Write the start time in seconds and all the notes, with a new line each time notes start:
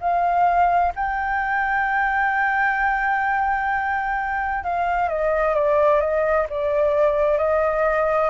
0.00 F5
0.95 G5
4.63 F5
5.08 D#5
5.54 D5
6.00 D#5
6.49 D5
7.38 D#5